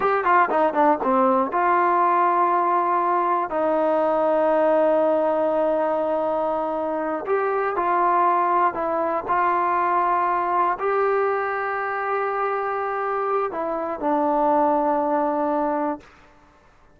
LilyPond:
\new Staff \with { instrumentName = "trombone" } { \time 4/4 \tempo 4 = 120 g'8 f'8 dis'8 d'8 c'4 f'4~ | f'2. dis'4~ | dis'1~ | dis'2~ dis'8 g'4 f'8~ |
f'4. e'4 f'4.~ | f'4. g'2~ g'8~ | g'2. e'4 | d'1 | }